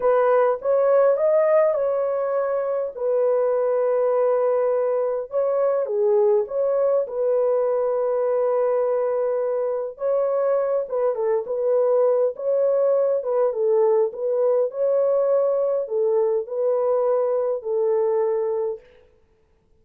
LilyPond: \new Staff \with { instrumentName = "horn" } { \time 4/4 \tempo 4 = 102 b'4 cis''4 dis''4 cis''4~ | cis''4 b'2.~ | b'4 cis''4 gis'4 cis''4 | b'1~ |
b'4 cis''4. b'8 a'8 b'8~ | b'4 cis''4. b'8 a'4 | b'4 cis''2 a'4 | b'2 a'2 | }